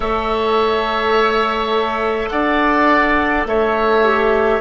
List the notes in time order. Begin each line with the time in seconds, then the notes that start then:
0.00 A3 A4 C#5 E5
2.29 D4 D5 F#5
3.45 A3 C#5 E5
4.03 G4